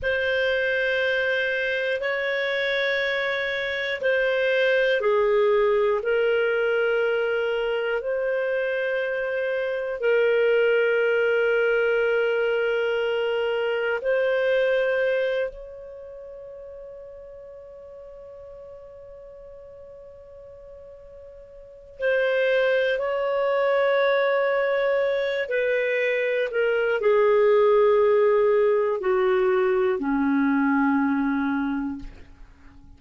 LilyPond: \new Staff \with { instrumentName = "clarinet" } { \time 4/4 \tempo 4 = 60 c''2 cis''2 | c''4 gis'4 ais'2 | c''2 ais'2~ | ais'2 c''4. cis''8~ |
cis''1~ | cis''2 c''4 cis''4~ | cis''4. b'4 ais'8 gis'4~ | gis'4 fis'4 cis'2 | }